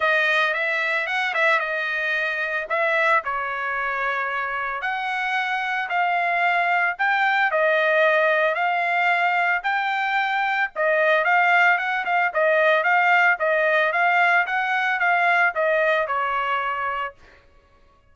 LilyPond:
\new Staff \with { instrumentName = "trumpet" } { \time 4/4 \tempo 4 = 112 dis''4 e''4 fis''8 e''8 dis''4~ | dis''4 e''4 cis''2~ | cis''4 fis''2 f''4~ | f''4 g''4 dis''2 |
f''2 g''2 | dis''4 f''4 fis''8 f''8 dis''4 | f''4 dis''4 f''4 fis''4 | f''4 dis''4 cis''2 | }